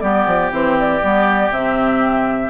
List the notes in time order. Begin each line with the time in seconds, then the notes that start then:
0.00 G3 B3 G4 D5
0.27 F3
0.51 E3 C4 C5
0.79 D5
1.03 G3 B3
1.50 C3 C4 E5